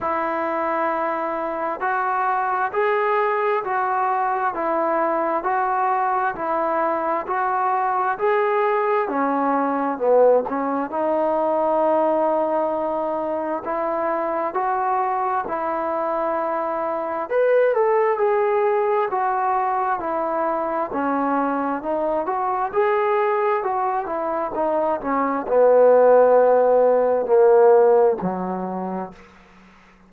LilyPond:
\new Staff \with { instrumentName = "trombone" } { \time 4/4 \tempo 4 = 66 e'2 fis'4 gis'4 | fis'4 e'4 fis'4 e'4 | fis'4 gis'4 cis'4 b8 cis'8 | dis'2. e'4 |
fis'4 e'2 b'8 a'8 | gis'4 fis'4 e'4 cis'4 | dis'8 fis'8 gis'4 fis'8 e'8 dis'8 cis'8 | b2 ais4 fis4 | }